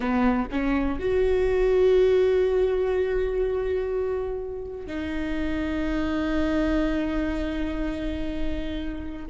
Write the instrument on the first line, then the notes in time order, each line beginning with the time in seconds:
viola
0.00 B3
0.51 C#4
0.99 F#4
4.86 D#4